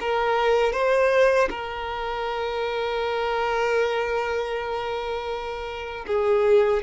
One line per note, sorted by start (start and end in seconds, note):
0.00 0.72 A#4
0.72 1.48 C5
1.49 6.05 A#4
6.07 6.83 G#4